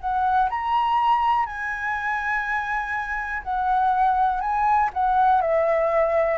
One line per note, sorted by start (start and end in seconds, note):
0.00 0.49 F#5
0.50 1.46 A#5
1.46 3.42 G#5
3.42 4.40 F#5
4.40 4.90 G#5
4.93 5.41 F#5
5.41 6.38 E5